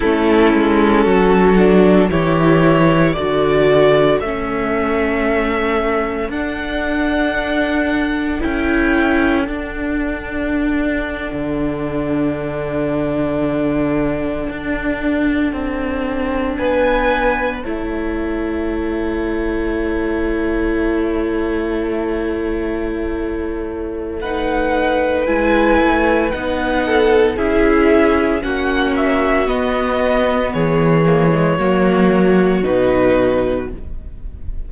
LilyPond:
<<
  \new Staff \with { instrumentName = "violin" } { \time 4/4 \tempo 4 = 57 a'2 cis''4 d''4 | e''2 fis''2 | g''4 fis''2.~ | fis''2.~ fis''8. gis''16~ |
gis''8. a''2.~ a''16~ | a''2. fis''4 | gis''4 fis''4 e''4 fis''8 e''8 | dis''4 cis''2 b'4 | }
  \new Staff \with { instrumentName = "violin" } { \time 4/4 e'4 fis'4 g'4 a'4~ | a'1~ | a'1~ | a'2.~ a'8. b'16~ |
b'8. cis''2.~ cis''16~ | cis''2. b'4~ | b'4. a'8 gis'4 fis'4~ | fis'4 gis'4 fis'2 | }
  \new Staff \with { instrumentName = "viola" } { \time 4/4 cis'4. d'8 e'4 fis'4 | cis'2 d'2 | e'4 d'2.~ | d'1~ |
d'8. e'2.~ e'16~ | e'2. dis'4 | e'4 dis'4 e'4 cis'4 | b4. ais16 gis16 ais4 dis'4 | }
  \new Staff \with { instrumentName = "cello" } { \time 4/4 a8 gis8 fis4 e4 d4 | a2 d'2 | cis'4 d'4.~ d'16 d4~ d16~ | d4.~ d16 d'4 c'4 b16~ |
b8. a2.~ a16~ | a1 | gis8 a8 b4 cis'4 ais4 | b4 e4 fis4 b,4 | }
>>